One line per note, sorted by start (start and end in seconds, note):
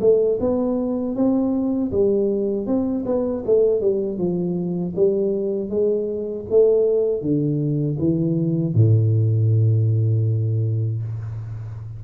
0.00 0.38 A3
0.40 1.15 B3
1.15 1.91 C4
1.91 2.67 G3
2.67 3.04 C4
3.06 3.43 B3
3.45 3.81 A3
3.81 4.18 G3
4.18 4.94 F3
4.95 5.69 G3
5.69 6.45 G#3
6.50 7.21 A3
7.21 7.97 D3
7.99 8.74 E3
8.74 11.02 A2